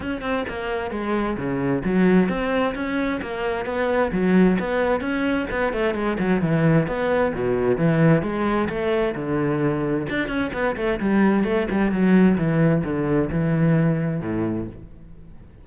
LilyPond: \new Staff \with { instrumentName = "cello" } { \time 4/4 \tempo 4 = 131 cis'8 c'8 ais4 gis4 cis4 | fis4 c'4 cis'4 ais4 | b4 fis4 b4 cis'4 | b8 a8 gis8 fis8 e4 b4 |
b,4 e4 gis4 a4 | d2 d'8 cis'8 b8 a8 | g4 a8 g8 fis4 e4 | d4 e2 a,4 | }